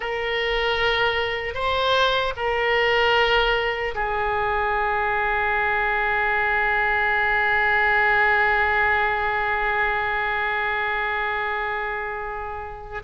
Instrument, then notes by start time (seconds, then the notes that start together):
oboe
0.00 A#4
1.54 C5
2.36 A#4
3.94 G#4